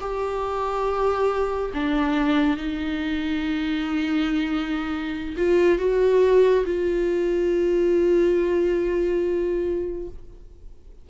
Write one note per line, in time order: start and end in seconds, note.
0.00 1.71 G4
1.74 2.57 D4
2.57 5.36 D#4
5.37 5.79 F4
5.79 6.65 F#4
6.65 10.08 F4